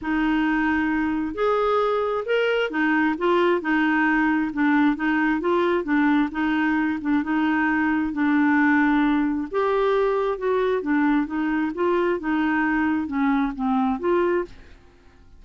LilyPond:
\new Staff \with { instrumentName = "clarinet" } { \time 4/4 \tempo 4 = 133 dis'2. gis'4~ | gis'4 ais'4 dis'4 f'4 | dis'2 d'4 dis'4 | f'4 d'4 dis'4. d'8 |
dis'2 d'2~ | d'4 g'2 fis'4 | d'4 dis'4 f'4 dis'4~ | dis'4 cis'4 c'4 f'4 | }